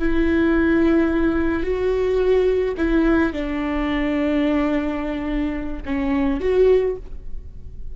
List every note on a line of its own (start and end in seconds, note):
0.00 1.64 E4
1.64 2.75 F#4
2.78 3.33 E4
3.33 5.83 D4
5.86 6.41 C#4
6.41 6.96 F#4